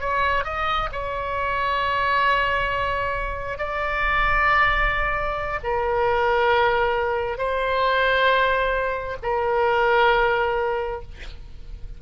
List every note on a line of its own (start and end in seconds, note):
0.00 0.44 C#5
0.44 0.89 D#5
0.92 3.58 C#5
3.58 5.59 D5
5.63 7.38 A#4
7.38 9.17 C5
9.23 11.02 A#4